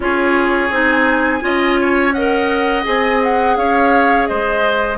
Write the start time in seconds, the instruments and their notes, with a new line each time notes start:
0.00 bassoon C#4, clarinet F4, oboe G#4, flute C#5
0.70 bassoon C4, clarinet D#4, flute G#5
1.40 bassoon C#4, clarinet F4, oboe D#5
1.80 oboe C#5
2.12 clarinet A#4, oboe D#5, flute F#5
2.83 bassoon C4, clarinet G#4, flute G#5
3.23 flute F#5
3.56 bassoon C#4, oboe C#5, flute F5
4.26 bassoon G#3, oboe C5, flute D#5